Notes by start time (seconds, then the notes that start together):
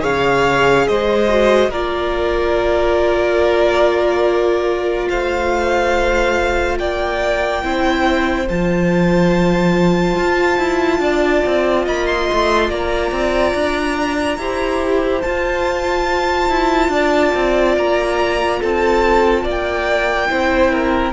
0.00 C#3 G#4 C#5 F5
0.87 G#3 C5 D#5
1.29 F#4
1.69 A#3 F4 A#4 D5
5.09 A3 C5 F5
6.79 A#3 D5 G5
7.62 C4 E4 C5
8.47 F3 F4 A5
10.16 F4
10.57 E4
10.99 D4 D5
11.46 C4
11.85 A#3 D#5 B5
12.06 C6
12.33 A3
12.68 A#3 D5 A#5
13.11 C4
13.54 D4
14.37 E4 G4 C5
15.22 F4 A5
16.49 E4
16.88 D4 D5
17.35 C4
17.77 A#3 A#5
18.60 C4 A4 A5
19.43 A#3 D5
19.50 G5
20.28 C4 E4 C5
20.72 A#4